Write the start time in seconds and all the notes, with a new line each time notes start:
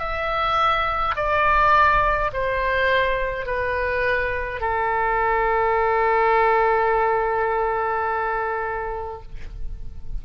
0.00 E5
1.16 D5
2.33 C5
3.46 B4
4.61 A4